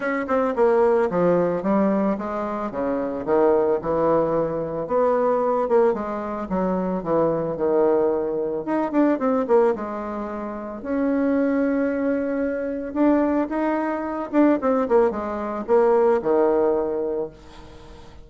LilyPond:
\new Staff \with { instrumentName = "bassoon" } { \time 4/4 \tempo 4 = 111 cis'8 c'8 ais4 f4 g4 | gis4 cis4 dis4 e4~ | e4 b4. ais8 gis4 | fis4 e4 dis2 |
dis'8 d'8 c'8 ais8 gis2 | cis'1 | d'4 dis'4. d'8 c'8 ais8 | gis4 ais4 dis2 | }